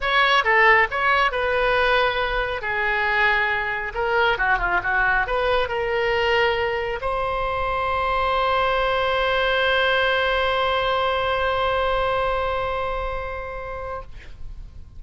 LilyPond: \new Staff \with { instrumentName = "oboe" } { \time 4/4 \tempo 4 = 137 cis''4 a'4 cis''4 b'4~ | b'2 gis'2~ | gis'4 ais'4 fis'8 f'8 fis'4 | b'4 ais'2. |
c''1~ | c''1~ | c''1~ | c''1 | }